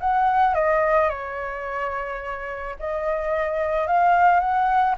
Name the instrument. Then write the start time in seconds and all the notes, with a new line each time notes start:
flute
0.00 F#5
0.54 D#5
1.09 C#5
2.79 D#5
3.87 F5
4.40 F#5